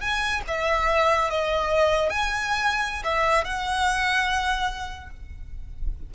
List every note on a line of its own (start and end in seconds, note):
0.00 0.41 G#5
0.47 1.29 E5
1.29 2.09 D#5
2.09 3.02 G#5
3.04 3.44 E5
3.44 5.09 F#5